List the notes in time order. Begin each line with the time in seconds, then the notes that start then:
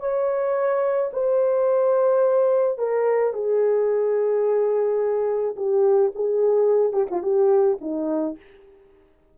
0.00 C#5
1.13 C5
2.78 A#4
3.33 G#4
5.56 G4
6.15 G#4
6.93 G4
7.11 F4
7.23 G4
7.81 D#4